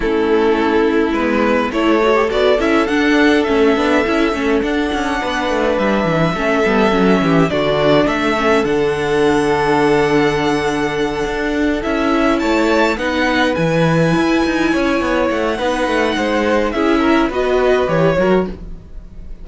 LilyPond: <<
  \new Staff \with { instrumentName = "violin" } { \time 4/4 \tempo 4 = 104 a'2 b'4 cis''4 | d''8 e''8 fis''4 e''2 | fis''2 e''2~ | e''4 d''4 e''4 fis''4~ |
fis''1~ | fis''8 e''4 a''4 fis''4 gis''8~ | gis''2~ gis''8 fis''4.~ | fis''4 e''4 dis''4 cis''4 | }
  \new Staff \with { instrumentName = "violin" } { \time 4/4 e'2. a'4~ | a'1~ | a'4 b'2 a'4~ | a'8 g'8 fis'4 a'2~ |
a'1~ | a'4. cis''4 b'4.~ | b'4. cis''4. b'4 | c''4 gis'8 ais'8 b'4. ais'8 | }
  \new Staff \with { instrumentName = "viola" } { \time 4/4 cis'2 b4 e'8 fis'16 g'16 | fis'8 e'8 d'4 cis'8 d'8 e'8 cis'8 | d'2. cis'8 b8 | cis'4 d'4. cis'8 d'4~ |
d'1~ | d'8 e'2 dis'4 e'8~ | e'2. dis'4~ | dis'4 e'4 fis'4 g'8 fis'8 | }
  \new Staff \with { instrumentName = "cello" } { \time 4/4 a2 gis4 a4 | b8 cis'8 d'4 a8 b8 cis'8 a8 | d'8 cis'8 b8 a8 g8 e8 a8 g8 | fis8 e8 d4 a4 d4~ |
d2.~ d8 d'8~ | d'8 cis'4 a4 b4 e8~ | e8 e'8 dis'8 cis'8 b8 a8 b8 a8 | gis4 cis'4 b4 e8 fis8 | }
>>